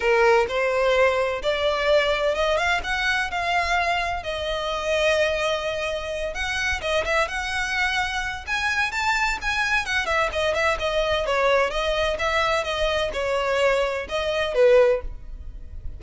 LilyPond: \new Staff \with { instrumentName = "violin" } { \time 4/4 \tempo 4 = 128 ais'4 c''2 d''4~ | d''4 dis''8 f''8 fis''4 f''4~ | f''4 dis''2.~ | dis''4. fis''4 dis''8 e''8 fis''8~ |
fis''2 gis''4 a''4 | gis''4 fis''8 e''8 dis''8 e''8 dis''4 | cis''4 dis''4 e''4 dis''4 | cis''2 dis''4 b'4 | }